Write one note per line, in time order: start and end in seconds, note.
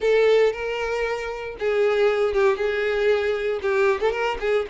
0.00 0.52 A4
0.52 1.56 A#4
1.59 2.33 G#4
2.33 2.56 G4
2.56 3.60 G#4
3.62 4.00 G4
4.00 4.11 A4
4.11 4.37 A#4
4.40 4.66 G#4